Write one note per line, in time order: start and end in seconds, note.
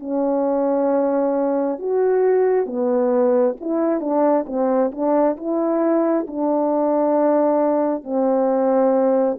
0.00 1.79 C#4
1.79 2.66 F#4
2.66 3.56 B3
3.61 4.01 E4
4.01 4.46 D4
4.47 4.92 C4
4.92 5.37 D4
5.37 6.27 E4
6.28 8.04 D4
8.04 9.38 C4